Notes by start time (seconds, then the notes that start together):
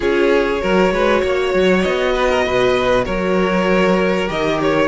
0.00 C#4 F4 G#4 C#5
0.59 F#3 F#4 A#4
0.91 G#3 B4
1.21 A#3 C#5
1.54 F#3
1.81 B3 D#5
2.14 B4
2.29 A#4
2.46 B2 B4
3.04 F#3 A#4 C#5
4.27 D#3 G4 D#5
4.61 C#5